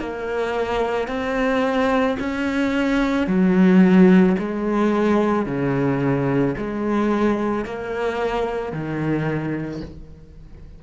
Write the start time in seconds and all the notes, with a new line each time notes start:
0.00 A#3
1.08 C4
2.19 C#4
3.27 F#3
4.39 G#3
5.46 C#3
6.58 G#3
7.65 A#3
8.72 D#3